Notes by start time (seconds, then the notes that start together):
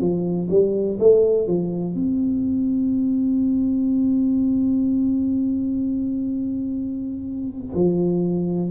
0.00 F3
0.50 G3
0.99 A3
1.46 F3
1.94 C4
7.74 F3